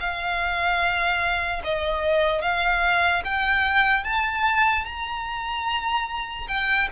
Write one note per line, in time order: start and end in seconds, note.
0.00 1.62 F5
1.64 2.42 D#5
2.42 3.23 F5
3.24 4.04 G5
4.04 4.85 A5
4.85 6.48 A#5
6.48 6.89 G5